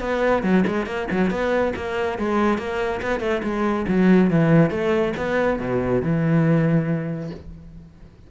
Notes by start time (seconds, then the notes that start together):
0.00 B3
0.43 F#3
0.67 G#3
0.86 A#3
1.11 F#3
1.30 B3
1.76 A#3
2.18 G#3
2.58 A#3
3.02 B3
3.20 A3
3.43 G#3
3.88 F#3
4.30 E3
4.70 A3
5.17 B3
5.59 B2
6.02 E3